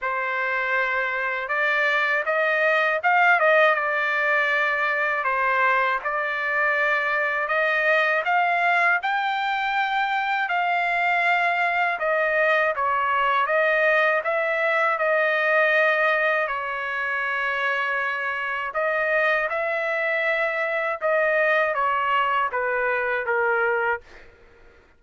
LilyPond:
\new Staff \with { instrumentName = "trumpet" } { \time 4/4 \tempo 4 = 80 c''2 d''4 dis''4 | f''8 dis''8 d''2 c''4 | d''2 dis''4 f''4 | g''2 f''2 |
dis''4 cis''4 dis''4 e''4 | dis''2 cis''2~ | cis''4 dis''4 e''2 | dis''4 cis''4 b'4 ais'4 | }